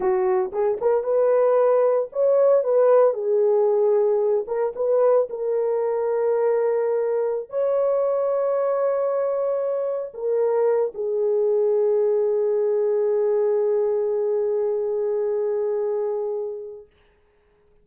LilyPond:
\new Staff \with { instrumentName = "horn" } { \time 4/4 \tempo 4 = 114 fis'4 gis'8 ais'8 b'2 | cis''4 b'4 gis'2~ | gis'8 ais'8 b'4 ais'2~ | ais'2~ ais'16 cis''4.~ cis''16~ |
cis''2.~ cis''16 ais'8.~ | ais'8. gis'2.~ gis'16~ | gis'1~ | gis'1 | }